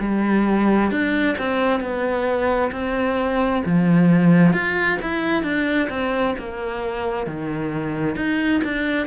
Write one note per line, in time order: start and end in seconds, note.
0.00 0.91 G3
0.91 1.36 D4
1.38 1.80 C4
1.80 2.71 B3
2.72 3.63 C4
3.66 4.53 F3
4.53 4.98 F4
5.02 5.43 E4
5.43 5.88 D4
5.90 6.35 C4
6.38 7.27 A#3
7.27 8.16 D#3
8.16 8.62 D#4
8.64 9.07 D4